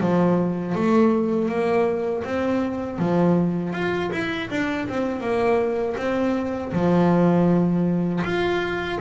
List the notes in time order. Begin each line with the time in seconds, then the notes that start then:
0.00 F3
0.75 A3
1.48 A#3
2.24 C4
2.98 F3
3.73 F4
4.11 E4
4.50 D4
4.88 C4
5.20 A#3
5.97 C4
6.72 F3
8.24 F4